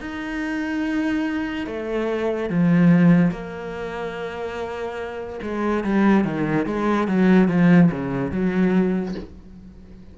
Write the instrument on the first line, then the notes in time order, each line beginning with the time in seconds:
cello
0.00 D#4
1.67 A3
2.49 F3
3.31 A#3
5.42 G#3
5.83 G3
6.24 D#3
6.66 G#3
7.07 F#3
7.48 F3
7.91 C#3
8.31 F#3